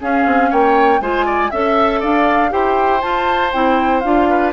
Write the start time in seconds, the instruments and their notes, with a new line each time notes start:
0.00 clarinet C#4, bassoon C#4, oboe G#4, flute F5
0.26 bassoon C4
0.51 bassoon A#3, oboe C#5, flute G5
1.01 bassoon G#3, clarinet F4, oboe C5, flute G#5
1.26 oboe D5
1.51 bassoon C#4, clarinet A4, flute E5, oboe E5
2.01 bassoon D4, oboe D5, flute F5
2.50 bassoon E4, clarinet G4, oboe C5, flute G5
3.02 clarinet F4, bassoon F4, flute A5
3.53 bassoon C4, clarinet E4, flute G5
4.01 bassoon D4, clarinet F4, flute F5
4.30 oboe B4